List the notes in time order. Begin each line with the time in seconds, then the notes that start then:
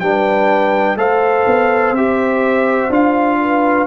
0.00 G3 D4 B4 G5
0.96 A3 A4 C5 F5
1.46 B3
1.92 C4 G4 E5
2.89 D4 F4 F5
3.41 B4